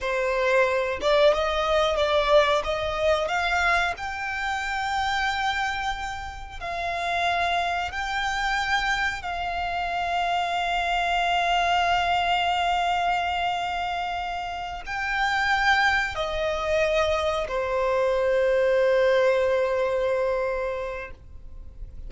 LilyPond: \new Staff \with { instrumentName = "violin" } { \time 4/4 \tempo 4 = 91 c''4. d''8 dis''4 d''4 | dis''4 f''4 g''2~ | g''2 f''2 | g''2 f''2~ |
f''1~ | f''2~ f''8 g''4.~ | g''8 dis''2 c''4.~ | c''1 | }